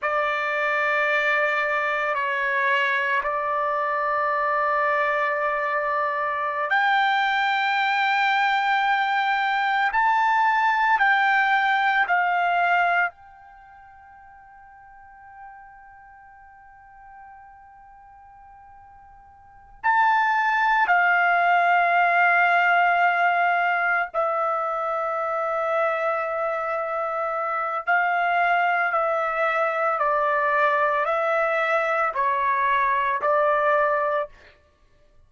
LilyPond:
\new Staff \with { instrumentName = "trumpet" } { \time 4/4 \tempo 4 = 56 d''2 cis''4 d''4~ | d''2~ d''16 g''4.~ g''16~ | g''4~ g''16 a''4 g''4 f''8.~ | f''16 g''2.~ g''8.~ |
g''2~ g''8 a''4 f''8~ | f''2~ f''8 e''4.~ | e''2 f''4 e''4 | d''4 e''4 cis''4 d''4 | }